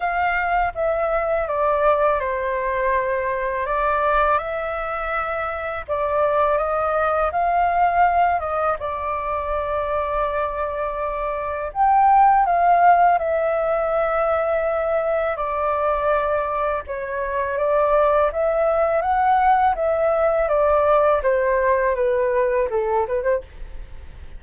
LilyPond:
\new Staff \with { instrumentName = "flute" } { \time 4/4 \tempo 4 = 82 f''4 e''4 d''4 c''4~ | c''4 d''4 e''2 | d''4 dis''4 f''4. dis''8 | d''1 |
g''4 f''4 e''2~ | e''4 d''2 cis''4 | d''4 e''4 fis''4 e''4 | d''4 c''4 b'4 a'8 b'16 c''16 | }